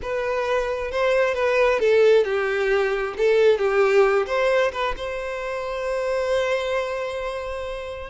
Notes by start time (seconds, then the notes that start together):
0.01 B4
0.91 C5
1.34 B4
1.79 A4
2.24 G4
3.17 A4
3.58 G4
4.26 C5
4.72 B4
4.96 C5